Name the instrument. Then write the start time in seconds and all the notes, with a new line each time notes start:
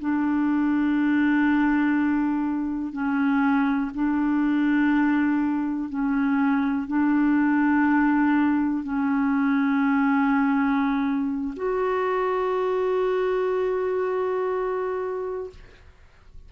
clarinet
0.00 D4
2.93 C#4
3.94 D4
5.90 C#4
6.88 D4
8.84 C#4
11.57 F#4